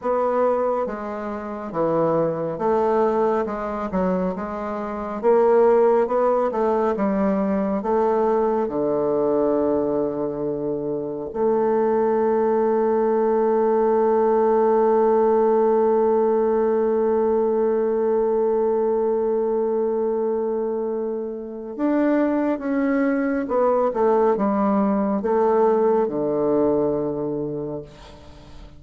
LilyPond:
\new Staff \with { instrumentName = "bassoon" } { \time 4/4 \tempo 4 = 69 b4 gis4 e4 a4 | gis8 fis8 gis4 ais4 b8 a8 | g4 a4 d2~ | d4 a2.~ |
a1~ | a1~ | a4 d'4 cis'4 b8 a8 | g4 a4 d2 | }